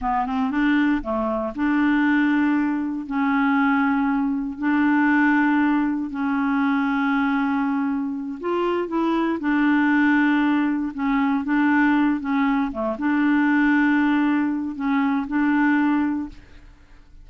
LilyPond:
\new Staff \with { instrumentName = "clarinet" } { \time 4/4 \tempo 4 = 118 b8 c'8 d'4 a4 d'4~ | d'2 cis'2~ | cis'4 d'2. | cis'1~ |
cis'8 f'4 e'4 d'4.~ | d'4. cis'4 d'4. | cis'4 a8 d'2~ d'8~ | d'4 cis'4 d'2 | }